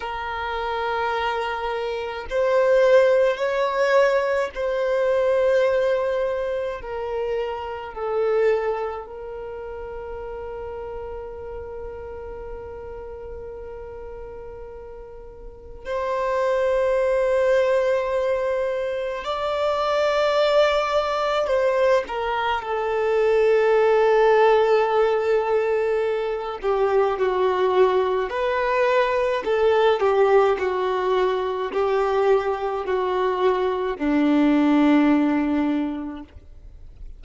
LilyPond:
\new Staff \with { instrumentName = "violin" } { \time 4/4 \tempo 4 = 53 ais'2 c''4 cis''4 | c''2 ais'4 a'4 | ais'1~ | ais'2 c''2~ |
c''4 d''2 c''8 ais'8 | a'2.~ a'8 g'8 | fis'4 b'4 a'8 g'8 fis'4 | g'4 fis'4 d'2 | }